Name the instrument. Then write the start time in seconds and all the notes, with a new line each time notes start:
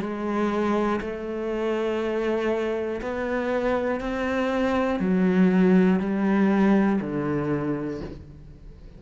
cello
0.00 G#3
1.00 A3
3.01 B3
4.00 C4
5.00 F#3
5.99 G3
7.00 D3